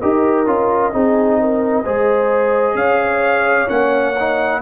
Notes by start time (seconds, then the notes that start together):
0.00 D#4 G4 A#4 D#5
0.46 C#4 F4
0.92 C4 D#4 G#4
1.40 A#4
1.83 G#3 G#4 C5
2.75 C#4 C#5 F5
3.68 A#3 C#4 F#5
4.19 D#4